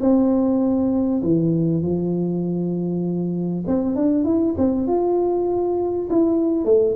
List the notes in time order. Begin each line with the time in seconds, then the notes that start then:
0.00 C4
1.23 E3
1.82 F3
3.67 C4
3.95 D4
4.24 E4
4.58 C4
4.87 F4
6.09 E4
6.64 A3